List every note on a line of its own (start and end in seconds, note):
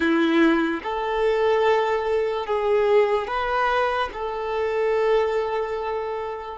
0.00 0.80 E4
0.83 2.46 A4
2.46 3.27 G#4
3.27 4.09 B4
4.12 6.58 A4